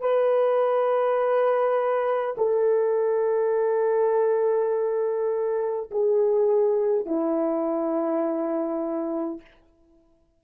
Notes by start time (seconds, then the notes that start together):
0.00 B4
2.37 A4
5.91 G#4
7.05 E4